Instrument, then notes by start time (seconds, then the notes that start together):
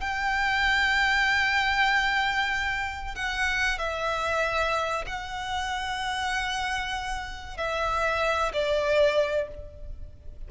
violin
0.00 G5
3.15 F#5
3.78 E5
5.06 F#5
7.57 E5
8.53 D5